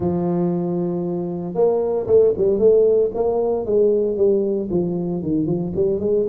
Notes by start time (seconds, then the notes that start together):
0.00 F3
1.54 A#3
2.06 A3
2.37 G3
2.58 A3
3.14 A#3
3.65 G#3
4.16 G3
4.70 F3
5.22 D#3
5.46 F3
5.75 G3
6.00 G#3